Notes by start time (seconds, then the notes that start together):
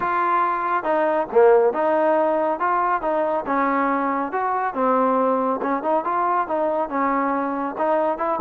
0.00 F4
0.83 D#4
1.32 A#3
1.73 D#4
2.59 F4
3.01 D#4
3.46 C#4
4.32 F#4
4.74 C4
5.62 C#4
5.83 D#4
6.04 F4
6.47 D#4
6.89 C#4
7.78 D#4
8.17 E4